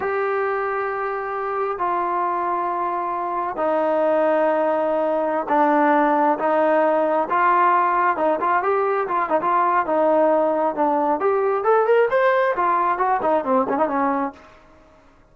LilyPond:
\new Staff \with { instrumentName = "trombone" } { \time 4/4 \tempo 4 = 134 g'1 | f'1 | dis'1~ | dis'16 d'2 dis'4.~ dis'16~ |
dis'16 f'2 dis'8 f'8 g'8.~ | g'16 f'8 dis'16 f'4 dis'2 | d'4 g'4 a'8 ais'8 c''4 | f'4 fis'8 dis'8 c'8 cis'16 dis'16 cis'4 | }